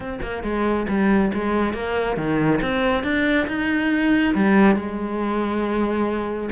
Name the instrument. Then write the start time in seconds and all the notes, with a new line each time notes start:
cello
0.00 C4
0.22 A#3
0.43 G#3
0.88 G3
1.33 G#3
1.73 A#3
2.16 D#3
2.61 C4
3.03 D4
3.47 D#4
4.35 G3
4.75 G#3